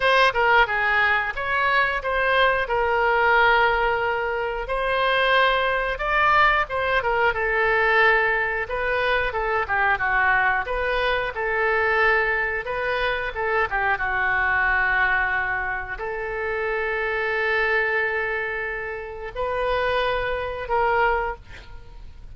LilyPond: \new Staff \with { instrumentName = "oboe" } { \time 4/4 \tempo 4 = 90 c''8 ais'8 gis'4 cis''4 c''4 | ais'2. c''4~ | c''4 d''4 c''8 ais'8 a'4~ | a'4 b'4 a'8 g'8 fis'4 |
b'4 a'2 b'4 | a'8 g'8 fis'2. | a'1~ | a'4 b'2 ais'4 | }